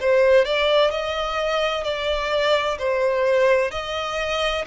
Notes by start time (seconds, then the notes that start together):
0.00 C5
0.45 D5
0.90 D#5
1.84 D5
2.79 C5
3.71 D#5